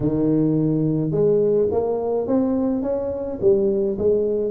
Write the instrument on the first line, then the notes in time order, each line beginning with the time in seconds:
tuba
0.00 D#3
1.11 G#3
1.71 A#3
2.27 C4
2.82 C#4
3.41 G3
3.98 G#3